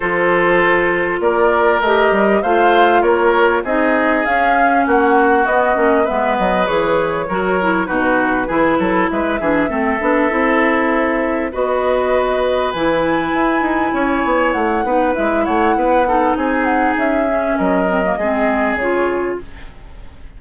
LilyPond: <<
  \new Staff \with { instrumentName = "flute" } { \time 4/4 \tempo 4 = 99 c''2 d''4 dis''4 | f''4 cis''4 dis''4 f''4 | fis''4 dis''4 e''8 dis''8 cis''4~ | cis''4 b'2 e''4~ |
e''2. dis''4~ | dis''4 gis''2. | fis''4 e''8 fis''4. gis''8 fis''8 | e''4 dis''2 cis''4 | }
  \new Staff \with { instrumentName = "oboe" } { \time 4/4 a'2 ais'2 | c''4 ais'4 gis'2 | fis'2 b'2 | ais'4 fis'4 gis'8 a'8 b'8 gis'8 |
a'2. b'4~ | b'2. cis''4~ | cis''8 b'4 cis''8 b'8 a'8 gis'4~ | gis'4 ais'4 gis'2 | }
  \new Staff \with { instrumentName = "clarinet" } { \time 4/4 f'2. g'4 | f'2 dis'4 cis'4~ | cis'4 b8 cis'8 b4 gis'4 | fis'8 e'8 dis'4 e'4. d'8 |
c'8 d'8 e'2 fis'4~ | fis'4 e'2.~ | e'8 dis'8 e'4. dis'4.~ | dis'8 cis'4 c'16 ais16 c'4 f'4 | }
  \new Staff \with { instrumentName = "bassoon" } { \time 4/4 f2 ais4 a8 g8 | a4 ais4 c'4 cis'4 | ais4 b8 ais8 gis8 fis8 e4 | fis4 b,4 e8 fis8 gis8 e8 |
a8 b8 c'2 b4~ | b4 e4 e'8 dis'8 cis'8 b8 | a8 b8 gis8 a8 b4 c'4 | cis'4 fis4 gis4 cis4 | }
>>